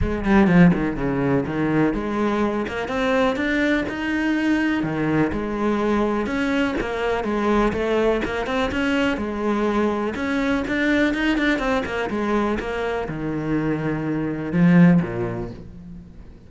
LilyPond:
\new Staff \with { instrumentName = "cello" } { \time 4/4 \tempo 4 = 124 gis8 g8 f8 dis8 cis4 dis4 | gis4. ais8 c'4 d'4 | dis'2 dis4 gis4~ | gis4 cis'4 ais4 gis4 |
a4 ais8 c'8 cis'4 gis4~ | gis4 cis'4 d'4 dis'8 d'8 | c'8 ais8 gis4 ais4 dis4~ | dis2 f4 ais,4 | }